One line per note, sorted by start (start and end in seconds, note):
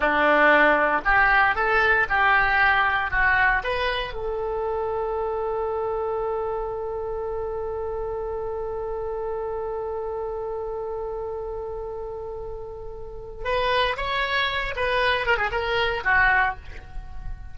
0.00 1.01 D4
1.04 1.55 G4
1.55 2.06 A4
2.09 3.10 G4
3.10 3.62 F#4
3.63 4.13 B4
4.13 13.44 A4
13.44 13.96 B4
13.96 14.74 C#5
14.76 15.26 B4
15.26 15.37 A#4
15.37 15.50 G#4
15.51 16.03 A#4
16.03 16.55 F#4